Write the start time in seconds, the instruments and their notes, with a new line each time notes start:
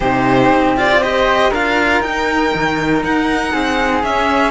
0.00 cello C3 D#4, flute G4, violin C5
0.49 cello C4
0.77 cello F4, violin D5
1.00 cello G4, flute C5, violin D#5
1.50 cello D4 F4, flute A#4, violin F5
2.00 cello D#4, violin G5
2.54 cello D#3
3.03 cello D#4, violin F#5
3.52 cello C4, flute G#4
4.03 cello C#4, violin E5